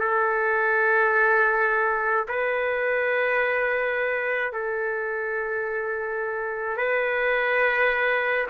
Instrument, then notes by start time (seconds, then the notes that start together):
trumpet
0.00 A4
2.28 B4
4.52 A4
6.77 B4